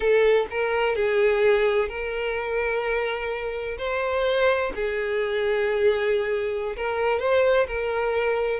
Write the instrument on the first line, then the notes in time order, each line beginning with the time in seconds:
violin
0.00 A4
0.50 A#4
0.95 G#4
1.88 A#4
3.78 C5
4.75 G#4
6.76 A#4
7.19 C5
7.67 A#4